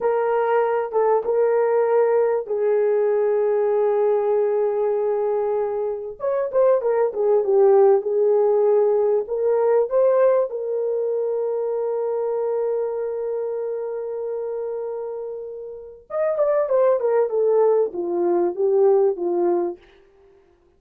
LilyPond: \new Staff \with { instrumentName = "horn" } { \time 4/4 \tempo 4 = 97 ais'4. a'8 ais'2 | gis'1~ | gis'2 cis''8 c''8 ais'8 gis'8 | g'4 gis'2 ais'4 |
c''4 ais'2.~ | ais'1~ | ais'2 dis''8 d''8 c''8 ais'8 | a'4 f'4 g'4 f'4 | }